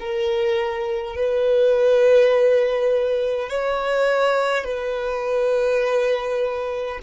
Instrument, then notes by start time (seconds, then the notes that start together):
violin
0.00 A#4
1.16 B4
3.50 C#5
4.65 B4